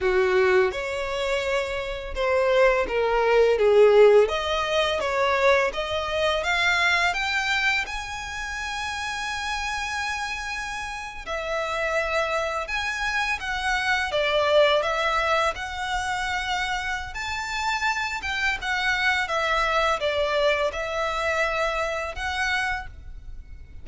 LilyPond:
\new Staff \with { instrumentName = "violin" } { \time 4/4 \tempo 4 = 84 fis'4 cis''2 c''4 | ais'4 gis'4 dis''4 cis''4 | dis''4 f''4 g''4 gis''4~ | gis''2.~ gis''8. e''16~ |
e''4.~ e''16 gis''4 fis''4 d''16~ | d''8. e''4 fis''2~ fis''16 | a''4. g''8 fis''4 e''4 | d''4 e''2 fis''4 | }